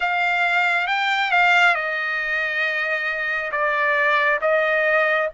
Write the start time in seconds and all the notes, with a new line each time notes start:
0.00 F5
0.87 G5
1.31 F5
1.74 D#5
3.51 D5
4.41 D#5